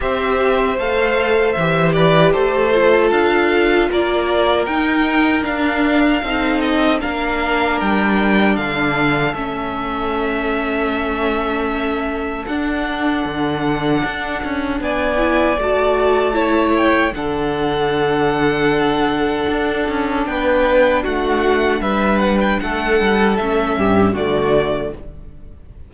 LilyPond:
<<
  \new Staff \with { instrumentName = "violin" } { \time 4/4 \tempo 4 = 77 e''4 f''4 e''8 d''8 c''4 | f''4 d''4 g''4 f''4~ | f''8 dis''8 f''4 g''4 f''4 | e''1 |
fis''2. gis''4 | a''4. g''8 fis''2~ | fis''2 g''4 fis''4 | e''8 fis''16 g''16 fis''4 e''4 d''4 | }
  \new Staff \with { instrumentName = "violin" } { \time 4/4 c''2~ c''8 b'8 a'4~ | a'4 ais'2. | a'4 ais'2 a'4~ | a'1~ |
a'2. d''4~ | d''4 cis''4 a'2~ | a'2 b'4 fis'4 | b'4 a'4. g'8 fis'4 | }
  \new Staff \with { instrumentName = "viola" } { \time 4/4 g'4 a'4 g'4. f'8~ | f'2 dis'4 d'4 | dis'4 d'2. | cis'1 |
d'2.~ d'8 e'8 | fis'4 e'4 d'2~ | d'1~ | d'2 cis'4 a4 | }
  \new Staff \with { instrumentName = "cello" } { \time 4/4 c'4 a4 e4 a4 | d'4 ais4 dis'4 d'4 | c'4 ais4 g4 d4 | a1 |
d'4 d4 d'8 cis'8 b4 | a2 d2~ | d4 d'8 cis'8 b4 a4 | g4 a8 g8 a8 g,8 d4 | }
>>